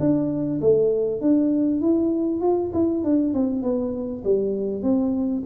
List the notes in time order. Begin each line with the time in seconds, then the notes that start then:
0.00 D4
0.61 A3
1.21 D4
1.81 E4
2.41 F4
2.74 E4
3.04 D4
3.34 C4
3.63 B3
4.24 G3
4.83 C4